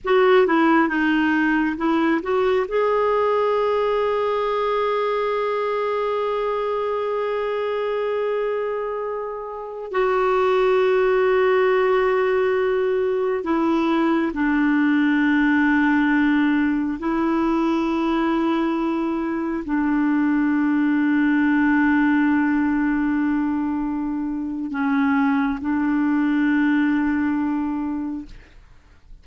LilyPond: \new Staff \with { instrumentName = "clarinet" } { \time 4/4 \tempo 4 = 68 fis'8 e'8 dis'4 e'8 fis'8 gis'4~ | gis'1~ | gis'2.~ gis'16 fis'8.~ | fis'2.~ fis'16 e'8.~ |
e'16 d'2. e'8.~ | e'2~ e'16 d'4.~ d'16~ | d'1 | cis'4 d'2. | }